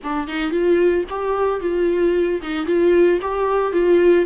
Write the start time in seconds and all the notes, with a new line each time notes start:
0.03 D4
0.27 D#4
0.51 F4
1.09 G4
1.60 F4
2.42 D#4
2.65 F4
3.21 G4
3.72 F4